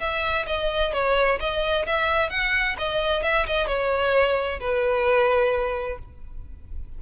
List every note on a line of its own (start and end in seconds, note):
0.00 0.46 E5
0.47 0.93 D#5
0.93 1.40 C#5
1.40 1.86 D#5
1.87 2.30 E5
2.30 2.76 F#5
2.78 3.23 D#5
3.23 3.46 E5
3.47 3.68 D#5
3.68 4.60 C#5
4.60 5.99 B4